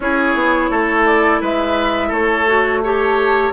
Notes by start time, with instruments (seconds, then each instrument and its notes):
0.00 bassoon C#4, clarinet E4, oboe G#4, flute C#5
0.34 bassoon B3
0.70 bassoon A3, oboe A4
1.05 flute D5
1.41 bassoon G#3, oboe B4, flute E5
2.08 bassoon A3, oboe A4, flute C#5
2.47 clarinet F#4
2.83 clarinet G4, flute A4, oboe C#5